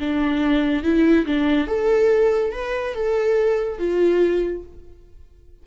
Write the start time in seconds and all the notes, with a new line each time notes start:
0.00 D4
0.84 E4
1.26 D4
1.67 A4
2.52 B4
2.95 A4
3.79 F4